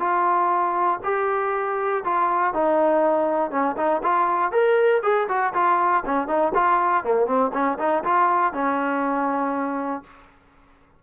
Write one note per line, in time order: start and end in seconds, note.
0.00 1.00 F4
1.04 2.04 G4
2.05 2.54 F4
2.54 3.51 D#4
3.51 3.76 C#4
3.77 4.02 D#4
4.03 4.52 F4
4.52 5.02 A#4
5.03 5.28 G#4
5.29 5.54 F#4
5.54 6.04 F4
6.06 6.28 C#4
6.28 6.53 D#4
6.55 7.04 F4
7.04 7.27 A#3
7.27 7.52 C4
7.53 7.78 C#4
7.79 8.04 D#4
8.04 8.54 F4
8.54 10.04 C#4